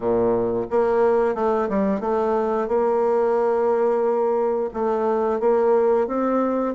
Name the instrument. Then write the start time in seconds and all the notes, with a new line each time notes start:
bassoon
0.00 A#2
0.70 A#3
1.34 A3
1.69 G3
2.00 A3
2.68 A#3
4.73 A3
5.39 A#3
6.07 C4